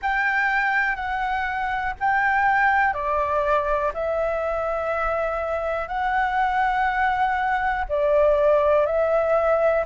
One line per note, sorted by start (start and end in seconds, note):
0.02 0.95 G5
0.95 1.94 F#5
1.99 2.93 G5
2.93 3.92 D5
3.93 5.87 E5
5.87 7.84 F#5
7.89 8.85 D5
8.85 9.84 E5